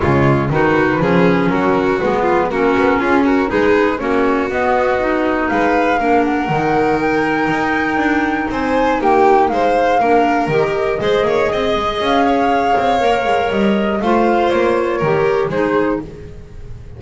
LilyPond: <<
  \new Staff \with { instrumentName = "flute" } { \time 4/4 \tempo 4 = 120 cis''4 b'2 ais'4 | b'4 ais'4 gis'8 ais'8 b'4 | cis''4 dis''2 f''4~ | f''8 fis''4. g''2~ |
g''4 gis''4 g''4 f''4~ | f''4 dis''2. | f''2. dis''4 | f''4 cis''2 c''4 | }
  \new Staff \with { instrumentName = "violin" } { \time 4/4 f'4 fis'4 gis'4 fis'4~ | fis'8 f'8 fis'4 f'8 fis'8 gis'4 | fis'2. b'4 | ais'1~ |
ais'4 c''4 g'4 c''4 | ais'2 c''8 cis''8 dis''4~ | dis''8 cis''2.~ cis''8 | c''2 ais'4 gis'4 | }
  \new Staff \with { instrumentName = "clarinet" } { \time 4/4 gis4 dis'4 cis'2 | b4 cis'2 dis'4 | cis'4 b4 dis'2 | d'4 dis'2.~ |
dis'1 | d'4 g'4 gis'2~ | gis'2 ais'2 | f'2 g'4 dis'4 | }
  \new Staff \with { instrumentName = "double bass" } { \time 4/4 cis4 dis4 f4 fis4 | gis4 ais8 b8 cis'4 gis4 | ais4 b2 gis4 | ais4 dis2 dis'4 |
d'4 c'4 ais4 gis4 | ais4 dis4 gis8 ais8 c'8 gis8 | cis'4. c'8 ais8 gis8 g4 | a4 ais4 dis4 gis4 | }
>>